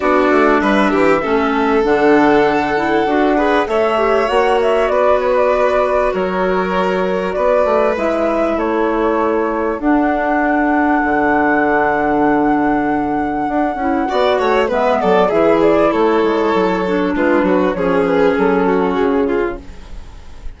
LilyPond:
<<
  \new Staff \with { instrumentName = "flute" } { \time 4/4 \tempo 4 = 98 d''4 e''2 fis''4~ | fis''2 e''4 fis''8 e''8 | d''8 cis''16 d''4~ d''16 cis''2 | d''4 e''4 cis''2 |
fis''1~ | fis''1 | e''8 d''8 e''8 d''8 cis''2 | b'4 cis''8 b'8 a'4 gis'4 | }
  \new Staff \with { instrumentName = "violin" } { \time 4/4 fis'4 b'8 g'8 a'2~ | a'4. b'8 cis''2 | b'2 ais'2 | b'2 a'2~ |
a'1~ | a'2. d''8 cis''8 | b'8 a'8 gis'4 a'2 | f'8 fis'8 gis'4. fis'4 f'8 | }
  \new Staff \with { instrumentName = "clarinet" } { \time 4/4 d'2 cis'4 d'4~ | d'8 e'8 fis'8 gis'8 a'8 g'8 fis'4~ | fis'1~ | fis'4 e'2. |
d'1~ | d'2~ d'8 e'8 fis'4 | b4 e'2~ e'8 d'8~ | d'4 cis'2. | }
  \new Staff \with { instrumentName = "bassoon" } { \time 4/4 b8 a8 g8 e8 a4 d4~ | d4 d'4 a4 ais4 | b2 fis2 | b8 a8 gis4 a2 |
d'2 d2~ | d2 d'8 cis'8 b8 a8 | gis8 fis8 e4 a8 gis8 fis4 | gis8 fis8 f4 fis4 cis4 | }
>>